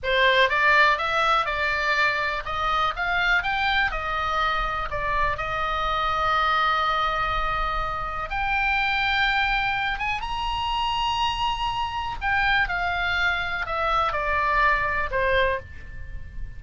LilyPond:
\new Staff \with { instrumentName = "oboe" } { \time 4/4 \tempo 4 = 123 c''4 d''4 e''4 d''4~ | d''4 dis''4 f''4 g''4 | dis''2 d''4 dis''4~ | dis''1~ |
dis''4 g''2.~ | g''8 gis''8 ais''2.~ | ais''4 g''4 f''2 | e''4 d''2 c''4 | }